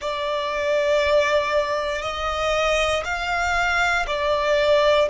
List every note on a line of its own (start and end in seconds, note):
0.00 2.02 D5
2.02 3.03 D#5
3.04 4.05 F5
4.07 5.08 D5